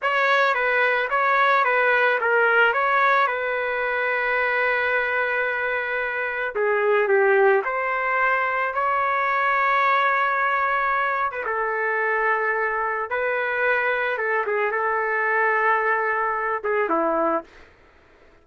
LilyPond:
\new Staff \with { instrumentName = "trumpet" } { \time 4/4 \tempo 4 = 110 cis''4 b'4 cis''4 b'4 | ais'4 cis''4 b'2~ | b'1 | gis'4 g'4 c''2 |
cis''1~ | cis''8. b'16 a'2. | b'2 a'8 gis'8 a'4~ | a'2~ a'8 gis'8 e'4 | }